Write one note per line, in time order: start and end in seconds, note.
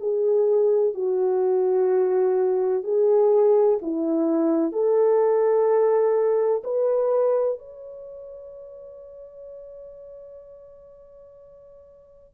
0.00 0.94 G#4
0.94 2.84 F#4
2.84 3.79 G#4
3.82 4.73 E4
4.73 6.63 A4
6.64 7.59 B4
7.59 12.35 C#5